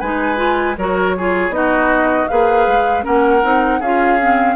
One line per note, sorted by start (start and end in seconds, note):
0.00 0.77 G#3
0.00 0.36 D#4
0.00 0.76 B4
0.00 0.76 G#5
0.36 0.74 F4
0.77 1.50 F#3
0.77 1.17 F#4
0.77 1.16 A#4
0.77 1.53 C#5
1.17 1.51 F4
1.17 1.55 G#4
1.50 2.25 B3
1.50 2.27 D#4
1.50 2.28 D#5
1.56 2.30 F#4
2.28 2.67 A#3
2.28 3.02 G#4
2.28 3.05 B4
2.28 3.04 F5
2.67 3.05 G#3
3.02 3.43 A#3
3.02 3.40 C#4
3.02 3.80 A#4
3.02 3.82 F#5
3.43 3.80 C4
3.43 3.81 D#4
3.80 4.56 C#4
3.80 4.20 F4
3.80 4.56 G#4
3.80 4.56 F5
4.20 4.56 C4